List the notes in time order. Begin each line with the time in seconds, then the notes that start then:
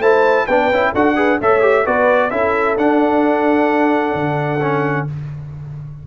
0.00 A3 E4 C5 A5
0.47 B3 D4 B4 G5
0.71 C#4 E4
0.94 D4 F#4 A4 F#5
1.16 G#4 B4
1.41 A3 A4 C#5 E5
1.62 G4
1.85 B3 F#4 B4 D5
2.31 C#4 E4 A4 E5
2.77 D4 F#5
4.15 D3
4.62 C#4